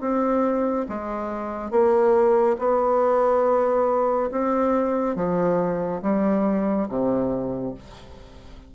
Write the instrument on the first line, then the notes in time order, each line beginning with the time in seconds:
bassoon
0.00 C4
0.88 G#3
1.71 A#3
2.59 B3
4.31 C4
5.15 F3
6.02 G3
6.88 C3